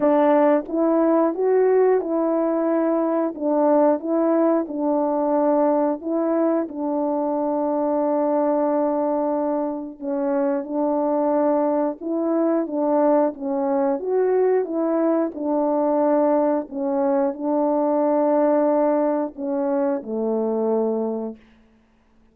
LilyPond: \new Staff \with { instrumentName = "horn" } { \time 4/4 \tempo 4 = 90 d'4 e'4 fis'4 e'4~ | e'4 d'4 e'4 d'4~ | d'4 e'4 d'2~ | d'2. cis'4 |
d'2 e'4 d'4 | cis'4 fis'4 e'4 d'4~ | d'4 cis'4 d'2~ | d'4 cis'4 a2 | }